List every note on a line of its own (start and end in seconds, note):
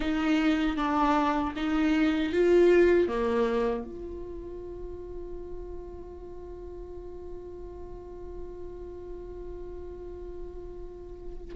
0.00 0.77 D#4
0.77 1.53 D4
1.56 2.33 D#4
2.33 3.08 F4
3.08 3.84 A#3
3.84 11.53 F4